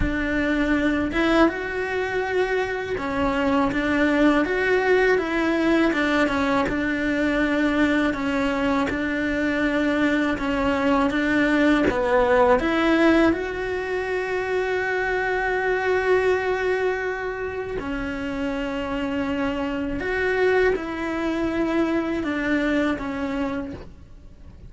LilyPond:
\new Staff \with { instrumentName = "cello" } { \time 4/4 \tempo 4 = 81 d'4. e'8 fis'2 | cis'4 d'4 fis'4 e'4 | d'8 cis'8 d'2 cis'4 | d'2 cis'4 d'4 |
b4 e'4 fis'2~ | fis'1 | cis'2. fis'4 | e'2 d'4 cis'4 | }